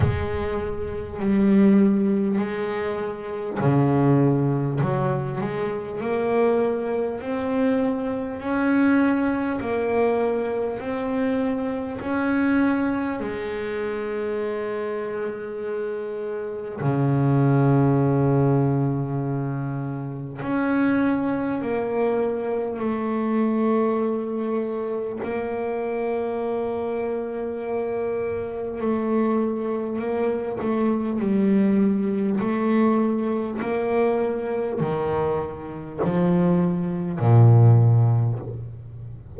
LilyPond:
\new Staff \with { instrumentName = "double bass" } { \time 4/4 \tempo 4 = 50 gis4 g4 gis4 cis4 | fis8 gis8 ais4 c'4 cis'4 | ais4 c'4 cis'4 gis4~ | gis2 cis2~ |
cis4 cis'4 ais4 a4~ | a4 ais2. | a4 ais8 a8 g4 a4 | ais4 dis4 f4 ais,4 | }